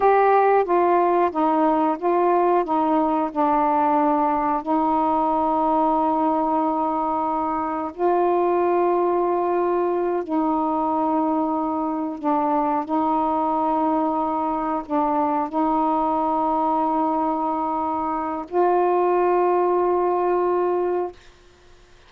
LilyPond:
\new Staff \with { instrumentName = "saxophone" } { \time 4/4 \tempo 4 = 91 g'4 f'4 dis'4 f'4 | dis'4 d'2 dis'4~ | dis'1 | f'2.~ f'8 dis'8~ |
dis'2~ dis'8 d'4 dis'8~ | dis'2~ dis'8 d'4 dis'8~ | dis'1 | f'1 | }